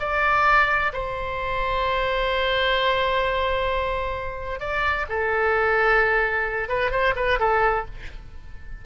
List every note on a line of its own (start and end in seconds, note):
0.00 0.92 D5
0.93 4.60 C5
4.60 5.06 D5
5.09 6.69 A4
6.69 6.91 B4
6.91 7.14 C5
7.16 7.39 B4
7.40 7.86 A4